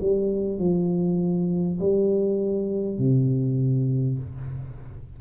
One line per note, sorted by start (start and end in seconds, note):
0.00 0.59 G3
0.59 1.79 F3
1.79 2.98 G3
2.98 4.18 C3